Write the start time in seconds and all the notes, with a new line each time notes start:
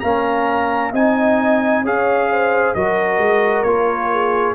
0.00 A#3 C#4 F5 A#5
0.93 C4 D#4 D#5 G#5
1.83 C#4 G#4 C#5 F5
2.30 C5
2.74 F#3 F#4 A#4 D#5
3.18 G#3
3.63 A#3 F4 C#5
4.12 G#4